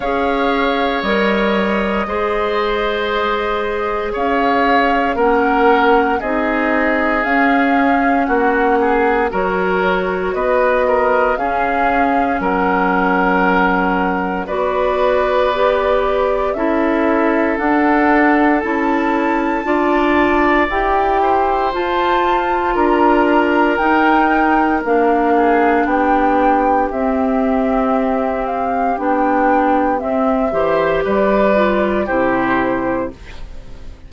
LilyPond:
<<
  \new Staff \with { instrumentName = "flute" } { \time 4/4 \tempo 4 = 58 f''4 dis''2. | f''4 fis''4 dis''4 f''4 | fis''4 cis''4 dis''4 f''4 | fis''2 d''2 |
e''4 fis''4 a''2 | g''4 a''4 ais''4 g''4 | f''4 g''4 e''4. f''8 | g''4 e''4 d''4 c''4 | }
  \new Staff \with { instrumentName = "oboe" } { \time 4/4 cis''2 c''2 | cis''4 ais'4 gis'2 | fis'8 gis'8 ais'4 b'8 ais'8 gis'4 | ais'2 b'2 |
a'2. d''4~ | d''8 c''4. ais'2~ | ais'8 gis'8 g'2.~ | g'4. c''8 b'4 g'4 | }
  \new Staff \with { instrumentName = "clarinet" } { \time 4/4 gis'4 ais'4 gis'2~ | gis'4 cis'4 dis'4 cis'4~ | cis'4 fis'2 cis'4~ | cis'2 fis'4 g'4 |
e'4 d'4 e'4 f'4 | g'4 f'2 dis'4 | d'2 c'2 | d'4 c'8 g'4 f'8 e'4 | }
  \new Staff \with { instrumentName = "bassoon" } { \time 4/4 cis'4 g4 gis2 | cis'4 ais4 c'4 cis'4 | ais4 fis4 b4 cis'4 | fis2 b2 |
cis'4 d'4 cis'4 d'4 | e'4 f'4 d'4 dis'4 | ais4 b4 c'2 | b4 c'8 e8 g4 c4 | }
>>